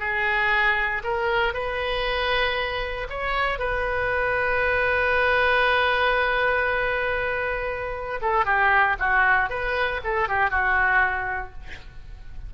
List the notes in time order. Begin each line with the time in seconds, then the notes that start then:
0.00 G#4
1.04 A#4
1.54 B4
3.10 C#5
3.59 B4
8.22 A4
8.45 G4
9.00 F#4
9.50 B4
10.04 A4
10.29 G4
10.51 F#4